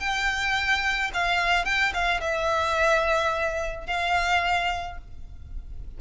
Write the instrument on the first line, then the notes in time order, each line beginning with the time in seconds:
violin
0.00 G5
1.14 F5
1.65 G5
1.94 F5
2.21 E5
3.87 F5